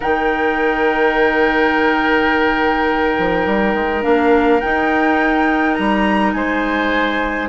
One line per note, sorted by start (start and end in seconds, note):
0.00 3.18 D#3
0.00 4.02 D#4
0.00 6.34 A#4
0.00 4.03 G5
3.18 3.46 F3
3.46 3.74 G3
3.74 4.03 G#3
4.02 4.62 A#3
4.02 4.60 D4
4.02 4.60 F5
4.60 7.49 D#4
4.60 5.78 D#4
4.60 5.74 G5
5.74 6.33 G3
5.74 6.32 A#5
6.32 7.49 G#3
6.32 7.49 C5
6.32 7.48 G#5